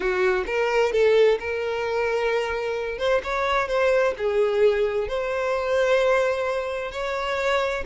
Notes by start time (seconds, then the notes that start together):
0.00 F#4
0.46 A#4
0.92 A4
1.39 A#4
2.98 C5
3.23 C#5
3.68 C5
4.17 G#4
5.07 C5
6.91 C#5